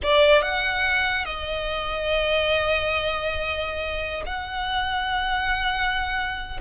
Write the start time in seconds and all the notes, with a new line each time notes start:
0.02 D5
0.42 F#5
1.25 D#5
4.26 F#5